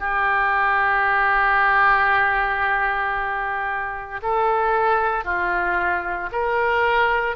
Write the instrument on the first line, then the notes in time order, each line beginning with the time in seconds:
oboe
0.00 G4
4.22 A4
5.24 F4
6.32 A#4